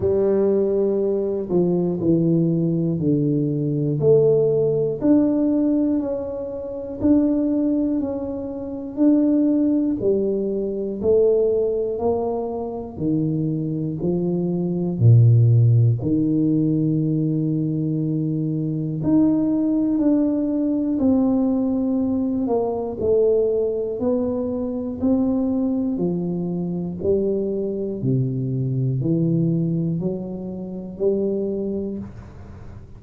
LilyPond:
\new Staff \with { instrumentName = "tuba" } { \time 4/4 \tempo 4 = 60 g4. f8 e4 d4 | a4 d'4 cis'4 d'4 | cis'4 d'4 g4 a4 | ais4 dis4 f4 ais,4 |
dis2. dis'4 | d'4 c'4. ais8 a4 | b4 c'4 f4 g4 | c4 e4 fis4 g4 | }